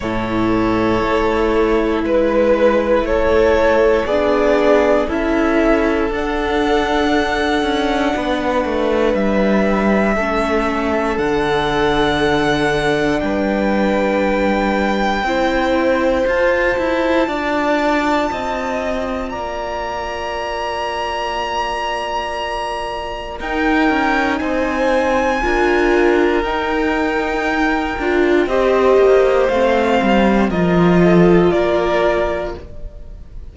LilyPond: <<
  \new Staff \with { instrumentName = "violin" } { \time 4/4 \tempo 4 = 59 cis''2 b'4 cis''4 | d''4 e''4 fis''2~ | fis''4 e''2 fis''4~ | fis''4 g''2. |
a''2. ais''4~ | ais''2. g''4 | gis''2 g''2 | dis''4 f''4 dis''4 d''4 | }
  \new Staff \with { instrumentName = "violin" } { \time 4/4 a'2 b'4 a'4 | gis'4 a'2. | b'2 a'2~ | a'4 b'2 c''4~ |
c''4 d''4 dis''4 d''4~ | d''2. ais'4 | c''4 ais'2. | c''2 ais'8 a'8 ais'4 | }
  \new Staff \with { instrumentName = "viola" } { \time 4/4 e'1 | d'4 e'4 d'2~ | d'2 cis'4 d'4~ | d'2. e'4 |
f'1~ | f'2. dis'4~ | dis'4 f'4 dis'4. f'8 | g'4 c'4 f'2 | }
  \new Staff \with { instrumentName = "cello" } { \time 4/4 a,4 a4 gis4 a4 | b4 cis'4 d'4. cis'8 | b8 a8 g4 a4 d4~ | d4 g2 c'4 |
f'8 e'8 d'4 c'4 ais4~ | ais2. dis'8 cis'8 | c'4 d'4 dis'4. d'8 | c'8 ais8 a8 g8 f4 ais4 | }
>>